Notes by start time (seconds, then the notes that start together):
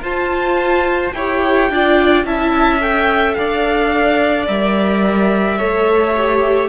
0.00 F4 C5 A5
1.12 E4 G4 C#5 G5
1.69 D4 F4 D5
2.24 C#4 E4 E5 A5
2.80 A4 G5
3.34 D4 D5 F5
4.47 G3 A#4 E5
5.58 A3 A4 C#5
6.16 G4